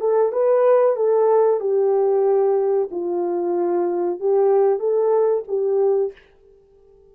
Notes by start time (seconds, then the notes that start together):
0.00 A4
0.32 B4
0.96 A4
1.60 G4
2.91 F4
4.20 G4
4.79 A4
5.48 G4